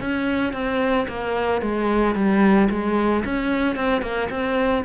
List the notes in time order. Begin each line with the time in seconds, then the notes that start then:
0.00 C#4
0.53 C4
1.08 A#3
1.61 G#3
2.15 G3
2.70 G#3
3.24 C#4
3.76 C4
4.02 A#3
4.30 C4